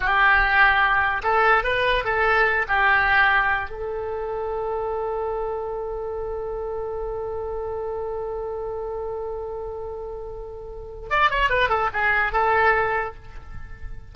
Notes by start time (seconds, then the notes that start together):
0.00 G4
1.23 A4
1.63 B4
2.04 A4
2.68 G4
3.69 A4
11.10 D5
11.30 C#5
11.49 B4
11.69 A4
11.93 G#4
12.32 A4